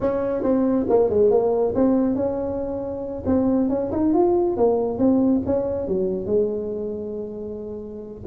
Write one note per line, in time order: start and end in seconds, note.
0.00 0.42 C#4
0.42 0.86 C4
0.89 1.09 A#3
1.09 1.30 G#3
1.30 1.74 A#3
1.74 2.15 C4
2.15 3.23 C#4
3.26 3.69 C4
3.69 3.91 C#4
3.91 4.13 D#4
4.13 4.56 F4
4.56 4.98 A#3
4.98 5.41 C4
5.45 5.87 C#4
5.87 6.26 F#3
6.26 8.21 G#3